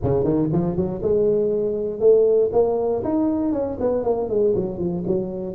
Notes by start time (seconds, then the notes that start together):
0.03 C#3
0.23 D#3
0.52 F3
0.76 F#3
1.02 G#3
2.00 A3
2.52 A#3
3.04 D#4
3.52 C#4
3.80 B3
4.03 A#3
4.29 G#3
4.55 F#3
4.78 F3
5.06 F#3